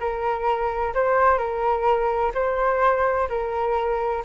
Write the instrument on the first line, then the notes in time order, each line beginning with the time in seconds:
flute
0.00 A#4
0.94 C5
1.38 A#4
2.35 C5
3.29 A#4